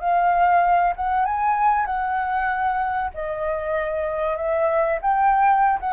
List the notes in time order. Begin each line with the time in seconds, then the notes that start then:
0.00 F5
0.96 F#5
1.25 G#5
1.86 F#5
3.14 D#5
4.37 E5
5.01 G5
5.80 F#5